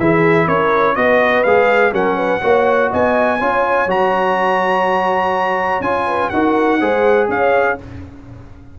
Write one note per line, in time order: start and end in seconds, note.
0.00 0.48 E3
0.00 0.96 E4
0.00 0.47 G#4
0.00 0.48 E5
0.47 0.97 C#4
0.47 0.95 A#4
0.47 0.96 C#5
0.96 1.46 B3
0.96 1.45 F#4
0.96 1.94 B4
0.96 1.44 D#5
1.44 1.93 G#3
1.44 1.93 G#4
1.44 1.93 F5
1.93 2.42 F#3
1.93 2.41 C#4
1.93 2.17 A#4
1.93 2.92 F#5
2.17 2.41 B4
2.42 2.92 A#3
2.42 3.39 F#4
2.42 2.91 C#5
2.91 3.42 B3
2.91 3.40 D#5
2.91 3.91 G#5
3.40 3.87 C#4
3.40 3.89 F4
3.40 6.07 C#5
3.87 5.81 F#3
3.87 5.84 F#4
3.87 5.82 A#5
5.81 6.29 C#4
5.81 6.33 F4
5.81 6.30 G#5
6.07 6.31 B4
6.30 6.82 D#4
6.30 6.81 F#4
6.30 6.80 A#4
6.30 7.28 F#5
6.80 7.29 G#3
6.80 7.79 G#4
6.80 7.29 C5
7.29 7.78 C#4
7.29 7.79 C#5
7.29 7.79 F5